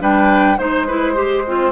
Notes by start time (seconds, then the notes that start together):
0.00 G3 D4 B4 G5
0.58 G#3 D#4 C5
0.87 E4 B4
1.13 G4 C5
1.47 C4 F4